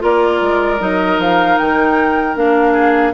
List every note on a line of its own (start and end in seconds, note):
0.00 0.42 A#3
0.00 0.78 F4
0.00 2.73 A#4
0.00 0.82 D5
0.42 0.81 G#3
0.80 1.19 F#3
0.80 2.36 D#4
0.80 1.21 D#5
1.19 1.58 F3
1.19 1.58 F5
1.58 2.36 D#3
1.58 2.36 G5
2.36 3.14 A#3
2.36 3.14 D4
2.36 3.14 F5
2.73 3.12 G#4